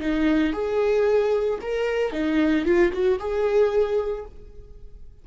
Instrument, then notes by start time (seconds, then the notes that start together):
viola
0.00 D#4
0.53 G#4
1.61 A#4
2.12 D#4
2.65 F4
2.92 F#4
3.19 G#4